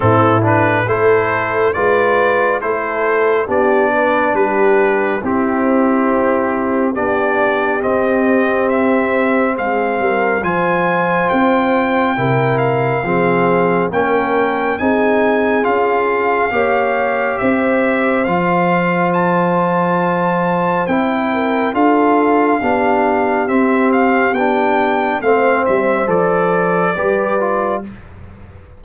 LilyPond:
<<
  \new Staff \with { instrumentName = "trumpet" } { \time 4/4 \tempo 4 = 69 a'8 b'8 c''4 d''4 c''4 | d''4 b'4 g'2 | d''4 dis''4 e''4 f''4 | gis''4 g''4. f''4. |
g''4 gis''4 f''2 | e''4 f''4 a''2 | g''4 f''2 e''8 f''8 | g''4 f''8 e''8 d''2 | }
  \new Staff \with { instrumentName = "horn" } { \time 4/4 e'4 a'4 b'4 a'4 | g'8 b'8 g'4 e'2 | g'2. gis'8 ais'8 | c''2 ais'4 gis'4 |
ais'4 gis'2 cis''4 | c''1~ | c''8 ais'8 a'4 g'2~ | g'4 c''2 b'4 | }
  \new Staff \with { instrumentName = "trombone" } { \time 4/4 c'8 d'8 e'4 f'4 e'4 | d'2 c'2 | d'4 c'2. | f'2 e'4 c'4 |
cis'4 dis'4 f'4 g'4~ | g'4 f'2. | e'4 f'4 d'4 c'4 | d'4 c'4 a'4 g'8 f'8 | }
  \new Staff \with { instrumentName = "tuba" } { \time 4/4 a,4 a4 gis4 a4 | b4 g4 c'2 | b4 c'2 gis8 g8 | f4 c'4 c4 f4 |
ais4 c'4 cis'4 ais4 | c'4 f2. | c'4 d'4 b4 c'4 | b4 a8 g8 f4 g4 | }
>>